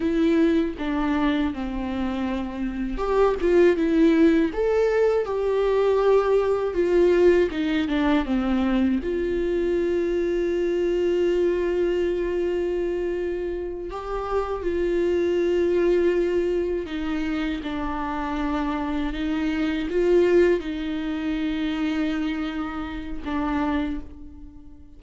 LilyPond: \new Staff \with { instrumentName = "viola" } { \time 4/4 \tempo 4 = 80 e'4 d'4 c'2 | g'8 f'8 e'4 a'4 g'4~ | g'4 f'4 dis'8 d'8 c'4 | f'1~ |
f'2~ f'8 g'4 f'8~ | f'2~ f'8 dis'4 d'8~ | d'4. dis'4 f'4 dis'8~ | dis'2. d'4 | }